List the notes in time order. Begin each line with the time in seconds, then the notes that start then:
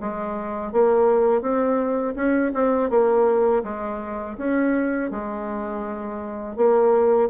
0.00 G#3
0.72 A#3
1.41 C4
2.15 C#4
2.54 C4
2.90 A#3
3.63 G#3
4.37 C#4
5.11 G#3
6.56 A#3